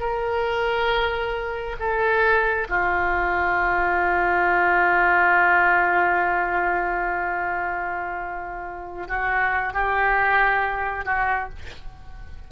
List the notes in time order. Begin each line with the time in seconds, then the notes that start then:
0.00 A#4
1.80 A4
2.70 F4
9.08 F#4
9.74 G4
11.05 F#4